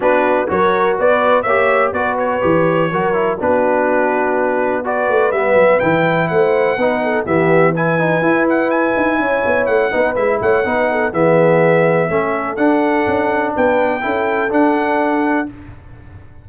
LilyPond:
<<
  \new Staff \with { instrumentName = "trumpet" } { \time 4/4 \tempo 4 = 124 b'4 cis''4 d''4 e''4 | d''8 cis''2~ cis''8 b'4~ | b'2 d''4 e''4 | g''4 fis''2 e''4 |
gis''4. fis''8 gis''2 | fis''4 e''8 fis''4. e''4~ | e''2 fis''2 | g''2 fis''2 | }
  \new Staff \with { instrumentName = "horn" } { \time 4/4 fis'4 ais'4 b'4 cis''4 | b'2 ais'4 fis'4~ | fis'2 b'2~ | b'4 c''4 b'8 a'8 g'4 |
b'2. cis''4~ | cis''8 b'4 cis''8 b'8 a'8 gis'4~ | gis'4 a'2. | b'4 a'2. | }
  \new Staff \with { instrumentName = "trombone" } { \time 4/4 d'4 fis'2 g'4 | fis'4 g'4 fis'8 e'8 d'4~ | d'2 fis'4 b4 | e'2 dis'4 b4 |
e'8 dis'8 e'2.~ | e'8 dis'8 e'4 dis'4 b4~ | b4 cis'4 d'2~ | d'4 e'4 d'2 | }
  \new Staff \with { instrumentName = "tuba" } { \time 4/4 b4 fis4 b4 ais4 | b4 e4 fis4 b4~ | b2~ b8 a8 g8 fis8 | e4 a4 b4 e4~ |
e4 e'4. dis'8 cis'8 b8 | a8 b8 gis8 a8 b4 e4~ | e4 a4 d'4 cis'4 | b4 cis'4 d'2 | }
>>